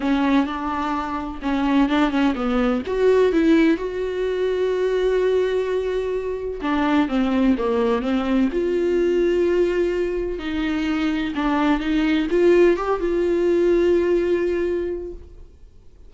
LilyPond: \new Staff \with { instrumentName = "viola" } { \time 4/4 \tempo 4 = 127 cis'4 d'2 cis'4 | d'8 cis'8 b4 fis'4 e'4 | fis'1~ | fis'2 d'4 c'4 |
ais4 c'4 f'2~ | f'2 dis'2 | d'4 dis'4 f'4 g'8 f'8~ | f'1 | }